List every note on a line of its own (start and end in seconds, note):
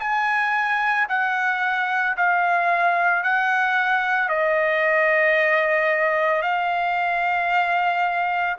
0.00 1.07 G#5
1.08 2.15 F#5
2.17 3.23 F5
3.23 4.29 F#5
4.29 6.42 D#5
6.42 8.56 F5